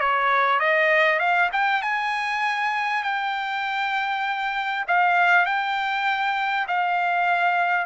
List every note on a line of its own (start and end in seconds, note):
0.00 0.59 C#5
0.59 1.19 D#5
1.19 1.50 F5
1.52 1.82 G5
1.82 3.03 G#5
3.03 4.85 G5
4.88 5.45 F5
5.45 6.66 G5
6.67 7.86 F5